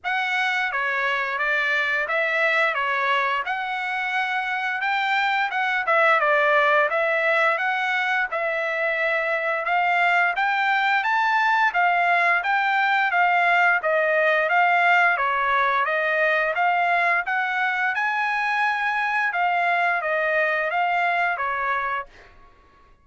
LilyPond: \new Staff \with { instrumentName = "trumpet" } { \time 4/4 \tempo 4 = 87 fis''4 cis''4 d''4 e''4 | cis''4 fis''2 g''4 | fis''8 e''8 d''4 e''4 fis''4 | e''2 f''4 g''4 |
a''4 f''4 g''4 f''4 | dis''4 f''4 cis''4 dis''4 | f''4 fis''4 gis''2 | f''4 dis''4 f''4 cis''4 | }